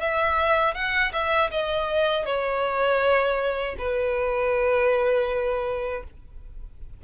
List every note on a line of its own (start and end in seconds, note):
0.00 0.74 E5
0.74 1.12 F#5
1.13 1.50 E5
1.51 2.25 D#5
2.25 3.75 C#5
3.78 6.03 B4